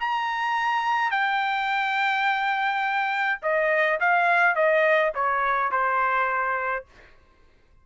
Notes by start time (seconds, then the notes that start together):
0.00 A#5
1.11 G5
3.43 D#5
4.00 F5
4.56 D#5
5.15 C#5
5.71 C5